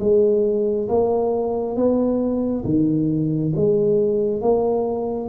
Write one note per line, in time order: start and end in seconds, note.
0.00 0.88 G#3
0.89 1.76 A#3
1.76 2.65 B3
2.65 3.53 D#3
3.56 4.42 G#3
4.42 5.29 A#3